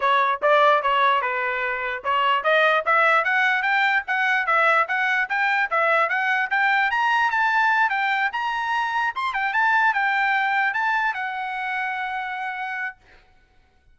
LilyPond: \new Staff \with { instrumentName = "trumpet" } { \time 4/4 \tempo 4 = 148 cis''4 d''4 cis''4 b'4~ | b'4 cis''4 dis''4 e''4 | fis''4 g''4 fis''4 e''4 | fis''4 g''4 e''4 fis''4 |
g''4 ais''4 a''4. g''8~ | g''8 ais''2 c'''8 g''8 a''8~ | a''8 g''2 a''4 fis''8~ | fis''1 | }